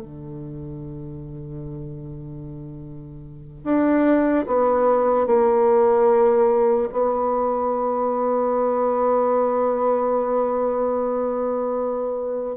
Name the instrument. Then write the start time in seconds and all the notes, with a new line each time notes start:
bassoon
0.00 D3
3.64 D4
4.46 B3
5.26 A#3
6.91 B3